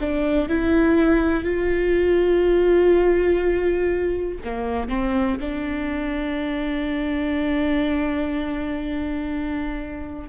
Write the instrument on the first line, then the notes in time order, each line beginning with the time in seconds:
viola
0.00 D4
0.49 E4
1.44 F4
4.44 A#3
4.88 C4
5.40 D4